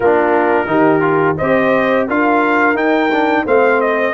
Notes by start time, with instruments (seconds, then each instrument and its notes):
0.00 tuba A#3, trombone D4, horn F4, trumpet A#4
0.66 tuba D#3, trombone D#4, horn G4
1.00 trombone F4
1.37 tuba C4, trombone G4, horn C5, trumpet D#5
2.07 tuba D4, trombone F4, horn A#4, trumpet F5
2.75 tuba D#4, trombone D#4, trumpet G5
3.12 trombone D4
3.45 tuba A3, trombone C4, horn C5, trumpet F5
3.80 trumpet D#5